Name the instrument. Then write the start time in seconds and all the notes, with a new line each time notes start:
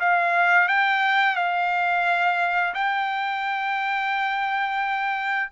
trumpet
0.00 F5
0.68 G5
1.36 F5
2.74 G5